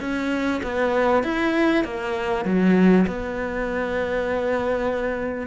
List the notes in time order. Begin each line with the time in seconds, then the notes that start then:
0.00 C#4
0.63 B3
1.23 E4
1.84 A#3
2.45 F#3
3.07 B3